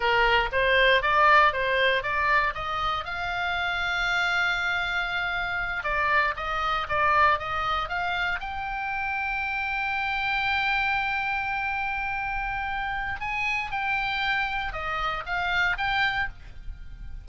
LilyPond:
\new Staff \with { instrumentName = "oboe" } { \time 4/4 \tempo 4 = 118 ais'4 c''4 d''4 c''4 | d''4 dis''4 f''2~ | f''2.~ f''8 d''8~ | d''8 dis''4 d''4 dis''4 f''8~ |
f''8 g''2.~ g''8~ | g''1~ | g''2 gis''4 g''4~ | g''4 dis''4 f''4 g''4 | }